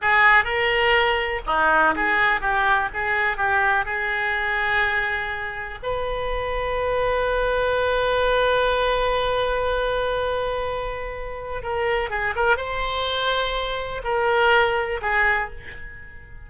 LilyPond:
\new Staff \with { instrumentName = "oboe" } { \time 4/4 \tempo 4 = 124 gis'4 ais'2 dis'4 | gis'4 g'4 gis'4 g'4 | gis'1 | b'1~ |
b'1~ | b'1 | ais'4 gis'8 ais'8 c''2~ | c''4 ais'2 gis'4 | }